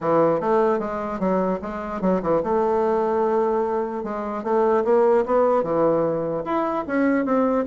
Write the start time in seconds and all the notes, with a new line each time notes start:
0.01 E3
0.40 A3
0.79 G#3
1.19 F#3
1.62 G#3
2.01 F#3
2.22 E3
2.43 A3
4.03 G#3
4.43 A3
4.84 A#3
5.25 B3
5.63 E3
6.44 E4
6.87 C#4
7.25 C4